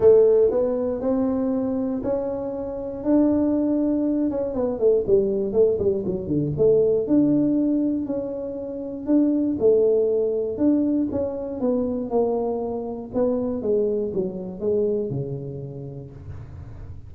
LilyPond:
\new Staff \with { instrumentName = "tuba" } { \time 4/4 \tempo 4 = 119 a4 b4 c'2 | cis'2 d'2~ | d'8 cis'8 b8 a8 g4 a8 g8 | fis8 d8 a4 d'2 |
cis'2 d'4 a4~ | a4 d'4 cis'4 b4 | ais2 b4 gis4 | fis4 gis4 cis2 | }